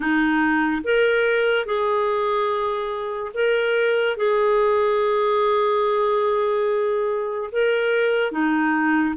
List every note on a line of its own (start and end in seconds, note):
0.00 0.81 D#4
0.83 1.65 A#4
1.65 3.32 G#4
3.33 4.17 A#4
4.17 7.50 G#4
7.51 8.31 A#4
8.31 9.14 D#4